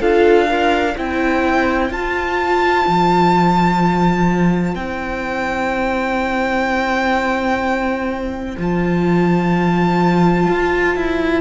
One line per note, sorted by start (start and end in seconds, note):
0.00 0.95 D4
0.00 0.48 F4
0.00 0.48 A4
0.00 0.97 F5
0.48 0.95 F4
0.48 0.96 A#4
0.95 1.90 C4
0.95 1.92 E4
0.95 11.41 C5
0.95 1.92 G5
1.90 2.85 F4
1.90 4.77 F4
1.90 4.75 A5
2.87 4.75 F3
4.75 8.56 C4
4.75 8.58 E4
4.75 8.56 G5
8.58 10.48 F3
8.58 11.41 F4
8.58 11.41 A5
10.49 10.96 F4
10.96 11.41 E4